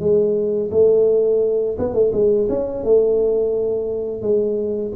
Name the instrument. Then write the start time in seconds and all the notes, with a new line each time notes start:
tuba
0.00 G#3
0.72 A3
1.79 B3
1.94 A3
2.13 G#3
2.50 C#4
2.84 A3
4.22 G#3